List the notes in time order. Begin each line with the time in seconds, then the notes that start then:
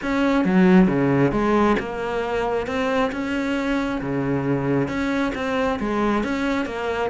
0.02 C#4
0.44 F#3
0.87 C#3
1.31 G#3
1.79 A#3
2.66 C4
3.12 C#4
4.01 C#3
4.87 C#4
5.34 C4
5.79 G#3
6.23 C#4
6.65 A#3